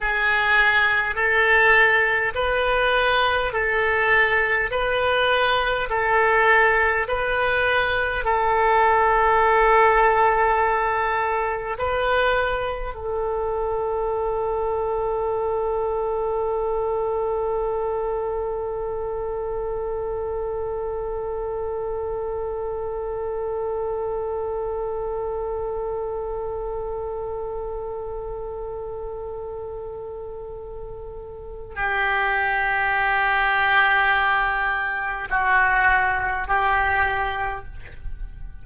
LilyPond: \new Staff \with { instrumentName = "oboe" } { \time 4/4 \tempo 4 = 51 gis'4 a'4 b'4 a'4 | b'4 a'4 b'4 a'4~ | a'2 b'4 a'4~ | a'1~ |
a'1~ | a'1~ | a'2. g'4~ | g'2 fis'4 g'4 | }